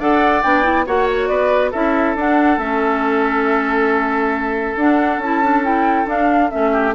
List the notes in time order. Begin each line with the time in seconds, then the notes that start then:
0.00 D4 A4 D5 F#5
0.43 B3 D4 G5
0.63 E4
0.87 A#3 F#4 C#5 F#5
1.10 C#5
1.28 B3 B4 D5
1.71 C#4 E4 A4 E5
2.16 D4 F#5
2.58 A3 C#4 E5
4.77 D4 F#5
5.18 C#4 E4 A5
5.43 D4
5.64 E4 G5
6.06 D4 F5
6.51 A3 C#4 E5
6.73 G4